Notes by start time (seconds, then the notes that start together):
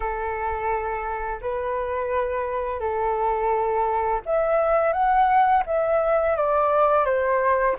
0.00 A4
1.41 B4
2.79 A4
4.25 E5
4.92 F#5
5.65 E5
6.36 D5
7.05 C5